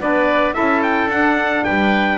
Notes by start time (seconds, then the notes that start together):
0.00 B3 D4 B4 D5
0.53 C#4 E4 A4 E5
0.82 G5
1.05 D4 F#5
1.64 G3 B4 G5